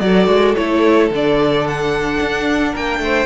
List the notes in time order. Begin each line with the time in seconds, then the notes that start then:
0.00 F#3 F#4 A4 D5
0.27 G#3
0.55 A3 E4 C#5
1.10 D3 D4 D5
1.67 F#5
2.20 D4
2.72 A#3 A#4 G5
2.99 A3 C5